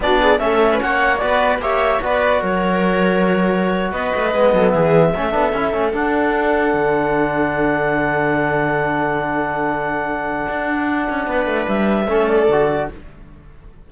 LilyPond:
<<
  \new Staff \with { instrumentName = "clarinet" } { \time 4/4 \tempo 4 = 149 d''4 e''4 fis''4 d''4 | e''4 d''4 cis''2~ | cis''4.~ cis''16 dis''2 e''16~ | e''2~ e''8. fis''4~ fis''16~ |
fis''1~ | fis''1~ | fis''1~ | fis''4 e''4. d''4. | }
  \new Staff \with { instrumentName = "viola" } { \time 4/4 fis'8 gis'8 a'8. b'16 cis''4 b'4 | cis''4 b'4 ais'2~ | ais'4.~ ais'16 b'4. a'8 gis'16~ | gis'8. a'2.~ a'16~ |
a'1~ | a'1~ | a'1 | b'2 a'2 | }
  \new Staff \with { instrumentName = "trombone" } { \time 4/4 d'4 cis'2 fis'4 | g'4 fis'2.~ | fis'2~ fis'8. b4~ b16~ | b8. cis'8 d'8 e'8 cis'8 d'4~ d'16~ |
d'1~ | d'1~ | d'1~ | d'2 cis'4 fis'4 | }
  \new Staff \with { instrumentName = "cello" } { \time 4/4 b4 a4 ais4 b4 | ais4 b4 fis2~ | fis4.~ fis16 b8 a8 gis8 fis8 e16~ | e8. a8 b8 cis'8 a8 d'4~ d'16~ |
d'8. d2.~ d16~ | d1~ | d2 d'4. cis'8 | b8 a8 g4 a4 d4 | }
>>